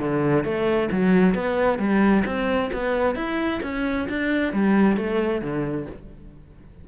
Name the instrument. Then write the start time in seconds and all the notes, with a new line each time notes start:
cello
0.00 D3
0.44 A3
0.91 F#3
1.35 B3
1.79 G3
2.25 C4
2.73 B3
3.15 E4
3.63 C#4
4.09 D4
4.53 G3
4.97 A3
5.42 D3